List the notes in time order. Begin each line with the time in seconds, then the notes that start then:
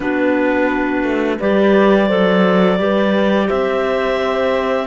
0.00 B3 D4 F#4 B4
1.02 A3
1.38 G3 G4 B4 D5
2.08 F#3 A4 C5
2.78 G3 G4 B4
3.47 C4 C5 E5